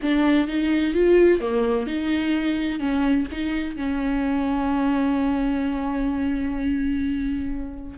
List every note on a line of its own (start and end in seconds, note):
0.02 0.47 D4
0.47 0.94 D#4
0.94 1.40 F4
1.40 1.86 A#3
1.86 2.79 D#4
2.79 3.26 C#4
3.31 3.76 D#4
3.76 7.98 C#4